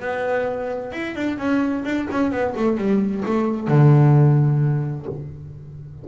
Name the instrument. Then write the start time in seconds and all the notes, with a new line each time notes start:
double bass
0.00 B3
0.93 E4
1.16 D4
1.38 C#4
1.85 D4
2.11 C#4
2.32 B3
2.56 A3
2.78 G3
3.26 A3
3.68 D3